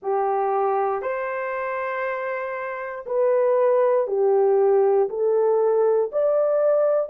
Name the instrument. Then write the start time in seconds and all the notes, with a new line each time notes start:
horn
0.02 G4
1.02 C5
3.06 B4
4.07 G4
5.09 A4
6.12 D5